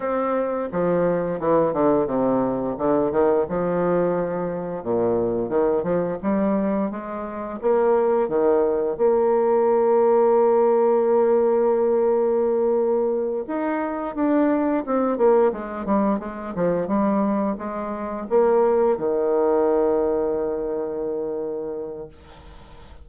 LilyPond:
\new Staff \with { instrumentName = "bassoon" } { \time 4/4 \tempo 4 = 87 c'4 f4 e8 d8 c4 | d8 dis8 f2 ais,4 | dis8 f8 g4 gis4 ais4 | dis4 ais2.~ |
ais2.~ ais8 dis'8~ | dis'8 d'4 c'8 ais8 gis8 g8 gis8 | f8 g4 gis4 ais4 dis8~ | dis1 | }